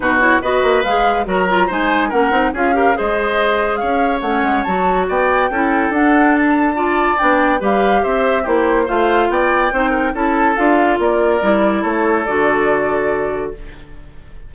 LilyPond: <<
  \new Staff \with { instrumentName = "flute" } { \time 4/4 \tempo 4 = 142 b'8 cis''8 dis''4 f''4 ais''4 | gis''4 fis''4 f''4 dis''4~ | dis''4 f''4 fis''4 a''4 | g''2 fis''4 a''4~ |
a''4 g''4 f''4 e''4 | c''4 f''4 g''2 | a''4 f''4 d''2 | cis''4 d''2. | }
  \new Staff \with { instrumentName = "oboe" } { \time 4/4 fis'4 b'2 ais'4 | c''4 ais'4 gis'8 ais'8 c''4~ | c''4 cis''2. | d''4 a'2. |
d''2 b'4 c''4 | g'4 c''4 d''4 c''8 ais'8 | a'2 ais'2 | a'1 | }
  \new Staff \with { instrumentName = "clarinet" } { \time 4/4 dis'8 e'8 fis'4 gis'4 fis'8 f'8 | dis'4 cis'8 dis'8 f'8 g'8 gis'4~ | gis'2 cis'4 fis'4~ | fis'4 e'4 d'2 |
f'4 d'4 g'2 | e'4 f'2 dis'4 | e'4 f'2 e'4~ | e'4 fis'2. | }
  \new Staff \with { instrumentName = "bassoon" } { \time 4/4 b,4 b8 ais8 gis4 fis4 | gis4 ais8 c'8 cis'4 gis4~ | gis4 cis'4 a8 gis8 fis4 | b4 cis'4 d'2~ |
d'4 b4 g4 c'4 | ais4 a4 b4 c'4 | cis'4 d'4 ais4 g4 | a4 d2. | }
>>